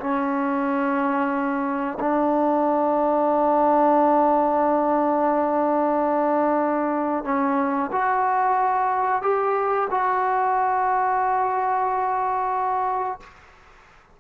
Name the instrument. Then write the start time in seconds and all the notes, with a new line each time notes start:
trombone
0.00 C#4
2.00 D4
7.25 C#4
7.92 F#4
9.22 G4
9.90 F#4